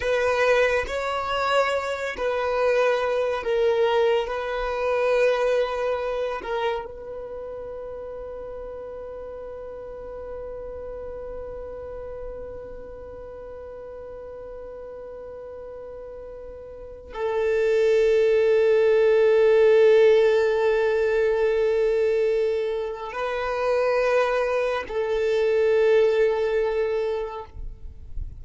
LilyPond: \new Staff \with { instrumentName = "violin" } { \time 4/4 \tempo 4 = 70 b'4 cis''4. b'4. | ais'4 b'2~ b'8 ais'8 | b'1~ | b'1~ |
b'1 | a'1~ | a'2. b'4~ | b'4 a'2. | }